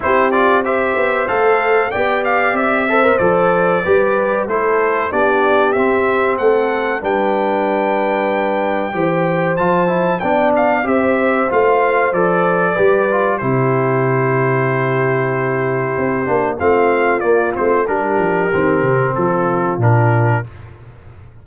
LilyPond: <<
  \new Staff \with { instrumentName = "trumpet" } { \time 4/4 \tempo 4 = 94 c''8 d''8 e''4 f''4 g''8 f''8 | e''4 d''2 c''4 | d''4 e''4 fis''4 g''4~ | g''2. a''4 |
g''8 f''8 e''4 f''4 d''4~ | d''4 c''2.~ | c''2 f''4 d''8 c''8 | ais'2 a'4 ais'4 | }
  \new Staff \with { instrumentName = "horn" } { \time 4/4 g'4 c''2 d''4~ | d''8 c''4. b'4 a'4 | g'2 a'4 b'4~ | b'2 c''2 |
d''4 c''2. | b'4 g'2.~ | g'2 f'2 | g'2 f'2 | }
  \new Staff \with { instrumentName = "trombone" } { \time 4/4 e'8 f'8 g'4 a'4 g'4~ | g'8 a'16 ais'16 a'4 g'4 e'4 | d'4 c'2 d'4~ | d'2 g'4 f'8 e'8 |
d'4 g'4 f'4 a'4 | g'8 f'8 e'2.~ | e'4. d'8 c'4 ais8 c'8 | d'4 c'2 d'4 | }
  \new Staff \with { instrumentName = "tuba" } { \time 4/4 c'4. b8 a4 b4 | c'4 f4 g4 a4 | b4 c'4 a4 g4~ | g2 e4 f4 |
b4 c'4 a4 f4 | g4 c2.~ | c4 c'8 ais8 a4 ais8 a8 | g8 f8 dis8 c8 f4 ais,4 | }
>>